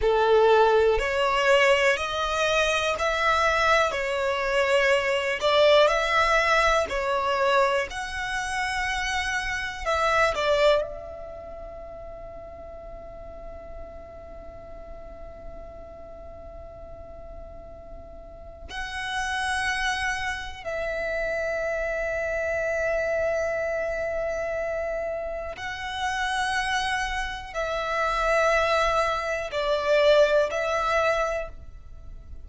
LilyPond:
\new Staff \with { instrumentName = "violin" } { \time 4/4 \tempo 4 = 61 a'4 cis''4 dis''4 e''4 | cis''4. d''8 e''4 cis''4 | fis''2 e''8 d''8 e''4~ | e''1~ |
e''2. fis''4~ | fis''4 e''2.~ | e''2 fis''2 | e''2 d''4 e''4 | }